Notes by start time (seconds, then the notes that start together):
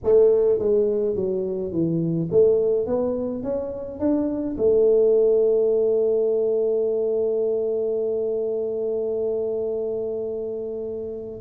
0.03 A3
0.58 G#3
1.15 F#3
1.72 E3
2.31 A3
2.86 B3
3.43 C#4
3.99 D4
4.57 A3